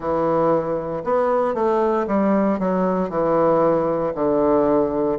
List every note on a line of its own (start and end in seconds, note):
0.00 1.03 E3
1.03 1.54 B3
1.54 2.06 A3
2.07 2.59 G3
2.59 3.09 F#3
3.09 4.12 E3
4.14 5.18 D3